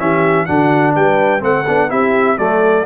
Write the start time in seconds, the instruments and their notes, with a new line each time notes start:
0.00 tuba E3, trombone C#4, horn G4, trumpet E5
0.46 tuba D3, trombone D4, horn F#4, trumpet F#5
0.95 tuba G3, horn B4, trumpet G5
1.40 tuba A3, trombone C4, trumpet F#5
1.47 horn A4
1.68 tuba B3, trombone D4
1.89 tuba C4, trombone E4, horn G4, trumpet E5
2.38 tuba F#3, trombone A3, horn A4, trumpet D5